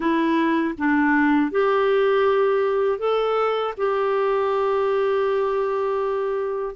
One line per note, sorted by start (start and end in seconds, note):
0.00 0.74 E4
0.78 1.51 D4
1.51 2.98 G4
2.98 3.73 A4
3.77 6.75 G4